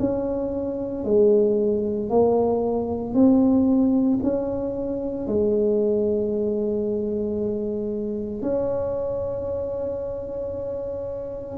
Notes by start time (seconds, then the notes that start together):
0.00 C#4
1.05 G#3
2.10 A#3
3.14 C4
4.23 C#4
5.28 G#3
8.42 C#4